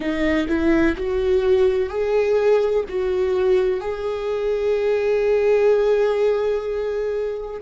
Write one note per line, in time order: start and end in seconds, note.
0.00 0.47 D#4
0.48 0.95 E4
0.97 1.89 F#4
1.89 2.84 G#4
2.88 3.80 F#4
3.80 7.61 G#4